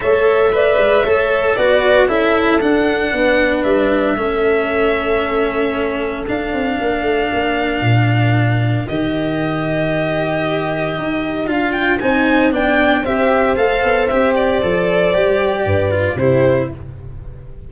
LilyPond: <<
  \new Staff \with { instrumentName = "violin" } { \time 4/4 \tempo 4 = 115 e''2. d''4 | e''4 fis''2 e''4~ | e''1 | f''1~ |
f''4 dis''2.~ | dis''2 f''8 g''8 gis''4 | g''4 e''4 f''4 e''8 d''8~ | d''2. c''4 | }
  \new Staff \with { instrumentName = "horn" } { \time 4/4 cis''4 d''4 cis''4 b'4 | a'2 b'2 | a'1~ | a'4 ais'2.~ |
ais'1~ | ais'2. c''4 | d''4 c''2.~ | c''2 b'4 g'4 | }
  \new Staff \with { instrumentName = "cello" } { \time 4/4 a'4 b'4 a'4 fis'4 | e'4 d'2. | cis'1 | d'1~ |
d'4 g'2.~ | g'2 f'4 dis'4 | d'4 g'4 a'4 g'4 | a'4 g'4. f'8 e'4 | }
  \new Staff \with { instrumentName = "tuba" } { \time 4/4 a4. gis8 a4 b4 | cis'4 d'4 b4 g4 | a1 | d'8 c'8 ais8 a8 ais4 ais,4~ |
ais,4 dis2.~ | dis4 dis'4 d'4 c'4 | b4 c'4 a8 b8 c'4 | f4 g4 g,4 c4 | }
>>